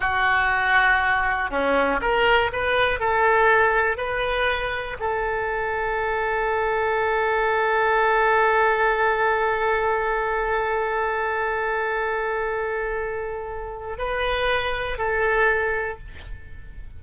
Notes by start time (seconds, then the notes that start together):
0.00 F#4
1.50 C#4
2.01 A#4
2.52 B4
2.99 A4
3.97 B4
4.99 A4
13.97 B4
14.98 A4